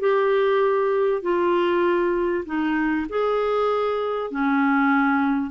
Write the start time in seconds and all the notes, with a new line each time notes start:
0.00 G4
1.22 F4
2.45 D#4
3.09 G#4
4.31 C#4